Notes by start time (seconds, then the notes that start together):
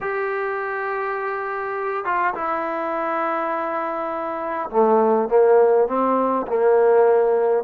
0.01 G4
2.04 F4
2.34 E4
4.70 A3
5.28 A#3
5.87 C4
6.47 A#3